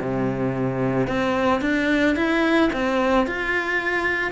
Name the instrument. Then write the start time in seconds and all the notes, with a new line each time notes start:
cello
0.00 C3
1.07 C4
1.61 D4
2.16 E4
2.72 C4
3.27 F4